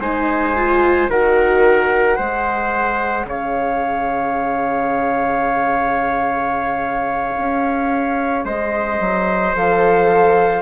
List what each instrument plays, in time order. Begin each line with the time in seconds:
0.00 bassoon G#3, viola D#4, trumpet C5, flute G#5
0.57 viola F4
1.09 bassoon D#3, viola F#4, trumpet A#4, flute F#5
2.16 bassoon G#3, viola G#4, trumpet C5
3.25 bassoon C#3, trumpet C#5, flute F5
7.38 bassoon C#4
8.45 bassoon G#3, trumpet C5, flute D#5
9.00 bassoon F#3
9.56 bassoon F3, viola A4, flute F5